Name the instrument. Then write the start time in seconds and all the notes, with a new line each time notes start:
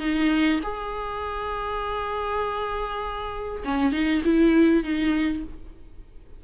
viola
0.00 D#4
0.63 G#4
3.65 C#4
3.92 D#4
4.25 E4
4.84 D#4